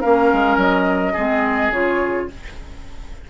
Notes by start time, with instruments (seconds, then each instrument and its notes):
0.00 bassoon A#3, clarinet C#4, oboe A#4, flute F5
0.33 bassoon G#3
0.57 bassoon F#3, flute D#5
1.13 bassoon G#3, clarinet C4, oboe G#4
1.71 bassoon C#3, clarinet F4, flute C#5